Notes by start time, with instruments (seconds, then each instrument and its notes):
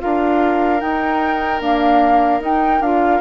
0.00 bassoon D4, clarinet F4, oboe A#4, flute F5
0.80 clarinet D#4, bassoon D#4, flute G5
1.61 clarinet A#3, bassoon D4, flute F5
2.41 clarinet D#4, bassoon D#4, flute G5
2.81 bassoon D4, clarinet F4, flute F5